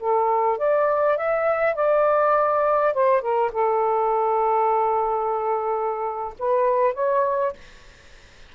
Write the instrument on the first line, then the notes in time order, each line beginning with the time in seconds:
saxophone
0.00 A4
0.58 D5
1.17 E5
1.75 D5
2.94 C5
3.22 A#4
3.52 A4
6.39 B4
6.94 C#5